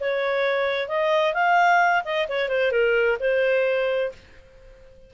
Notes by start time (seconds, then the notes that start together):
0.00 C#5
0.88 D#5
1.34 F5
2.04 D#5
2.28 C#5
2.49 C5
2.71 A#4
3.20 C5